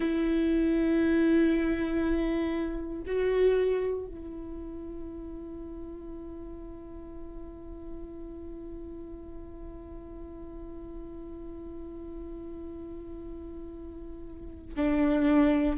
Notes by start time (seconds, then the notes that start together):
0.00 E4
3.06 F#4
4.06 E4
14.76 D4